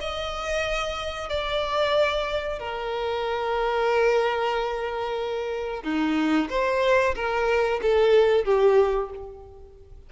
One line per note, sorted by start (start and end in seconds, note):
0.00 1.29 D#5
1.29 2.59 D5
2.59 5.83 A#4
5.83 6.48 D#4
6.49 7.14 C5
7.15 7.80 A#4
7.81 8.45 A4
8.45 9.10 G4